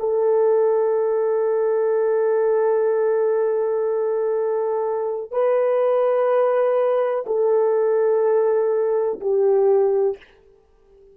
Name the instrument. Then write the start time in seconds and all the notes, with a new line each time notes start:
horn
0.00 A4
5.32 B4
7.27 A4
9.21 G4